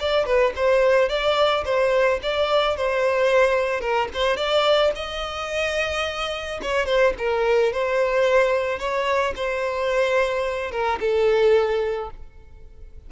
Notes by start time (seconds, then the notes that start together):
0.00 D5
0.26 B4
0.56 C5
1.09 D5
1.65 C5
2.23 D5
2.77 C5
3.81 A#4
4.14 C5
4.37 D5
4.95 D#5
6.62 C#5
6.86 C5
7.18 A#4
7.73 C5
8.79 C#5
9.36 C5
10.72 A#4
11.00 A4